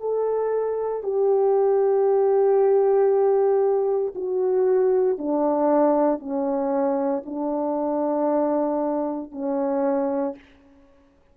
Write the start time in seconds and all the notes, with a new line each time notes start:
0.00 A4
1.03 G4
4.15 F#4
5.18 D4
6.19 C#4
7.26 D4
9.32 C#4